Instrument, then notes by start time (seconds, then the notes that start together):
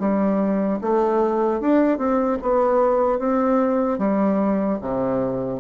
bassoon
0.00 G3
0.81 A3
1.61 D4
1.99 C4
2.42 B3
3.19 C4
3.99 G3
4.81 C3